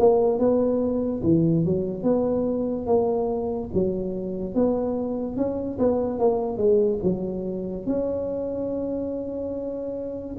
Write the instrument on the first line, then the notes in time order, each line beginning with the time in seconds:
tuba
0.00 A#3
0.39 B3
1.23 E3
1.66 F#3
2.03 B3
2.87 A#3
3.74 F#3
4.55 B3
5.37 C#4
5.79 B3
6.19 A#3
6.58 G#3
7.03 F#3
7.87 C#4